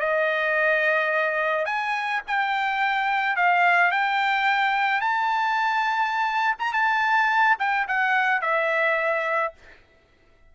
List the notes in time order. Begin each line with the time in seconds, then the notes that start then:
0.00 D#5
1.66 G#5
2.27 G5
3.36 F5
3.92 G5
5.01 A5
6.59 A#5
6.73 A5
7.59 G5
7.88 F#5
8.42 E5